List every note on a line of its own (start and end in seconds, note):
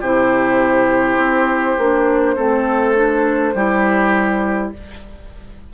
0.00 1.17 C3
0.00 1.79 E4
0.00 2.35 G4
0.00 4.73 C5
1.17 1.76 C4
1.78 2.37 A#3
1.78 2.36 D4
2.36 3.54 A3
2.36 2.95 C4
2.36 3.54 A4
2.95 3.54 D4
3.54 4.72 G3
3.54 4.74 E4
3.54 4.73 G4